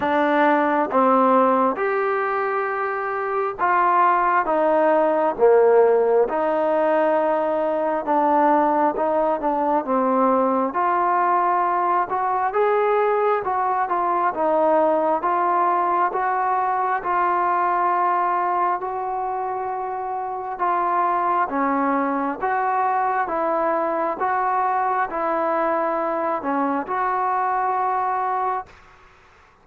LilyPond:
\new Staff \with { instrumentName = "trombone" } { \time 4/4 \tempo 4 = 67 d'4 c'4 g'2 | f'4 dis'4 ais4 dis'4~ | dis'4 d'4 dis'8 d'8 c'4 | f'4. fis'8 gis'4 fis'8 f'8 |
dis'4 f'4 fis'4 f'4~ | f'4 fis'2 f'4 | cis'4 fis'4 e'4 fis'4 | e'4. cis'8 fis'2 | }